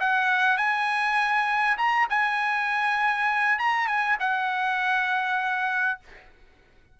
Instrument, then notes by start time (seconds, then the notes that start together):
trumpet
0.00 F#5
0.57 G#5
1.78 A#5
2.09 G#5
3.59 A#5
3.87 G#5
4.20 F#5